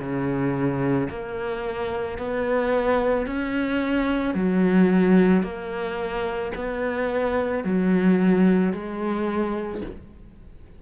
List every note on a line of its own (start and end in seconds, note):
0.00 1.09 C#3
1.10 2.19 A#3
2.19 3.27 B3
3.27 4.35 C#4
4.35 5.43 F#3
5.43 6.53 A#3
6.56 7.64 B3
7.64 8.73 F#3
8.73 9.82 G#3